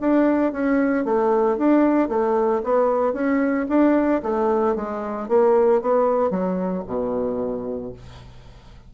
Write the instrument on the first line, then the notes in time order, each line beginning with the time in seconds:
bassoon
0.00 D4
0.52 C#4
1.05 A3
1.57 D4
2.09 A3
2.63 B3
3.13 C#4
3.69 D4
4.22 A3
4.75 G#3
5.28 A#3
5.82 B3
6.30 F#3
6.86 B2